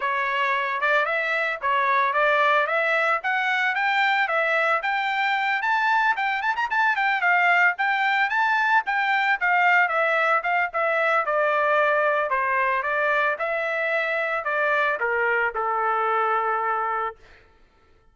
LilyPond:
\new Staff \with { instrumentName = "trumpet" } { \time 4/4 \tempo 4 = 112 cis''4. d''8 e''4 cis''4 | d''4 e''4 fis''4 g''4 | e''4 g''4. a''4 g''8 | a''16 ais''16 a''8 g''8 f''4 g''4 a''8~ |
a''8 g''4 f''4 e''4 f''8 | e''4 d''2 c''4 | d''4 e''2 d''4 | ais'4 a'2. | }